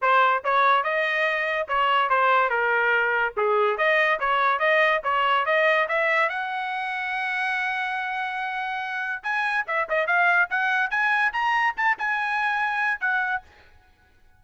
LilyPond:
\new Staff \with { instrumentName = "trumpet" } { \time 4/4 \tempo 4 = 143 c''4 cis''4 dis''2 | cis''4 c''4 ais'2 | gis'4 dis''4 cis''4 dis''4 | cis''4 dis''4 e''4 fis''4~ |
fis''1~ | fis''2 gis''4 e''8 dis''8 | f''4 fis''4 gis''4 ais''4 | a''8 gis''2~ gis''8 fis''4 | }